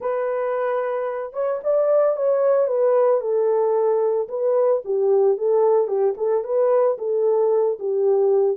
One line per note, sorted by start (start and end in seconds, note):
0.00 1.33 B4
1.33 1.60 C#5
1.63 2.16 D5
2.16 2.67 C#5
2.67 3.20 B4
3.20 4.28 A4
4.28 4.82 B4
4.84 5.37 G4
5.37 5.87 A4
5.87 6.14 G4
6.17 6.43 A4
6.43 6.97 B4
6.98 7.78 A4
7.79 8.57 G4